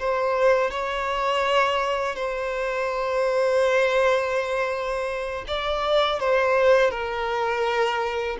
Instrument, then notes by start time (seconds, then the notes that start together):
violin
0.00 C5
0.71 C#5
2.16 C5
5.48 D5
6.20 C5
6.91 A#4